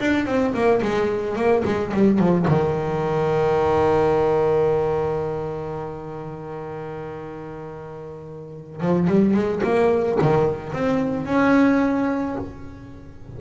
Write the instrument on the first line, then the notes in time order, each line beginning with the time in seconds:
double bass
0.00 D4
0.26 C4
0.54 A#3
0.82 G#3
1.36 A#3
1.65 G#3
1.94 G3
2.19 F3
2.48 D#3
8.81 F3
9.08 G3
9.34 G#3
9.64 A#3
10.21 D#3
10.73 C4
11.26 C#4